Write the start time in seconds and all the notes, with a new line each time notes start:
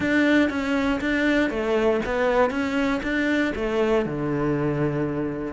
0.00 D4
0.49 C#4
1.00 D4
1.49 A3
2.05 B3
2.50 C#4
3.02 D4
3.55 A3
4.05 D3